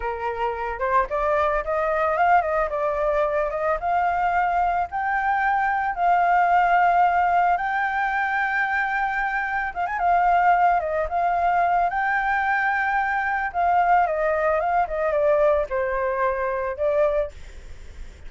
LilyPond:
\new Staff \with { instrumentName = "flute" } { \time 4/4 \tempo 4 = 111 ais'4. c''8 d''4 dis''4 | f''8 dis''8 d''4. dis''8 f''4~ | f''4 g''2 f''4~ | f''2 g''2~ |
g''2 f''16 gis''16 f''4. | dis''8 f''4. g''2~ | g''4 f''4 dis''4 f''8 dis''8 | d''4 c''2 d''4 | }